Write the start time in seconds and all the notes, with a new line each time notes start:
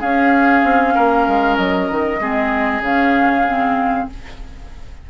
0.00 C#4 G#4 F5
0.63 C4
0.95 A#3 A#4
1.27 G#3
1.57 F#3 D#5
1.90 D#3
2.19 G#3 C4 G#4
2.80 C#3 C#4 F5
3.47 C4